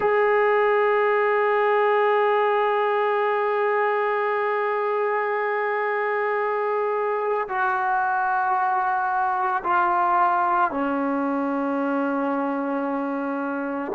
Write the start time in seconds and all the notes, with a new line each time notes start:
0.00 G#4
7.48 F#4
9.63 F4
10.70 C#4